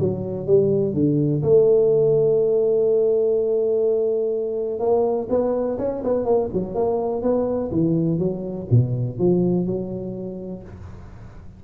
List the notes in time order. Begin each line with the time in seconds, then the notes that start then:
0.00 F#3
0.47 G3
0.94 D3
1.43 A3
4.80 A#3
5.30 B3
5.79 C#4
6.04 B3
6.25 A#3
6.53 F#3
6.75 A#3
7.23 B3
7.72 E3
8.19 F#3
8.71 B2
9.19 F3
9.66 F#3